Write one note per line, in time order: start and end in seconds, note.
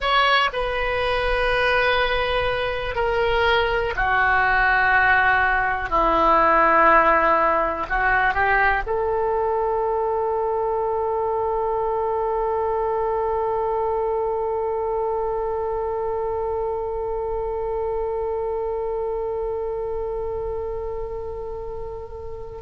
0.00 0.50 C#5
0.52 2.95 B4
2.95 3.93 A#4
3.96 5.89 F#4
5.89 7.86 E4
7.89 8.33 F#4
8.33 8.83 G4
8.86 22.62 A4